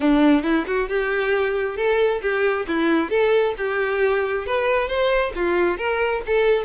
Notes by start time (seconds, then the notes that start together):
0.00 D4
0.43 E4
0.66 F#4
0.88 G4
1.77 A4
2.21 G4
2.67 E4
3.10 A4
3.57 G4
4.46 B4
4.88 C5
5.35 F4
5.77 A#4
6.26 A4